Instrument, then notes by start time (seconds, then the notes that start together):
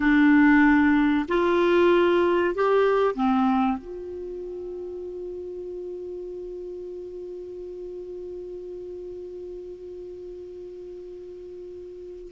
clarinet
0.00 D4
1.28 F4
2.54 G4
3.14 C4
3.78 F4